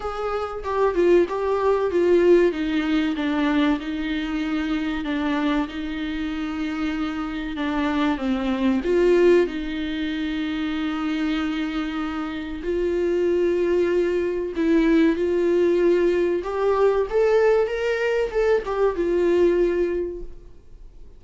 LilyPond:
\new Staff \with { instrumentName = "viola" } { \time 4/4 \tempo 4 = 95 gis'4 g'8 f'8 g'4 f'4 | dis'4 d'4 dis'2 | d'4 dis'2. | d'4 c'4 f'4 dis'4~ |
dis'1 | f'2. e'4 | f'2 g'4 a'4 | ais'4 a'8 g'8 f'2 | }